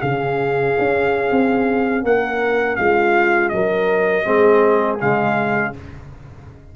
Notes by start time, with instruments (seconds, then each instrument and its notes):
0.00 tuba C#3, trombone C#4, horn G#4, trumpet F5
0.78 tuba C#4
1.31 tuba C4
2.03 tuba A#3, horn A#4, trumpet F#5
2.76 tuba G#3, horn F4, trumpet F5
3.49 tuba F#3, horn A#4, trumpet D#5
4.25 tuba G#3, trombone C4, horn G#4
5.00 tuba C#3, trombone G#3, trumpet F5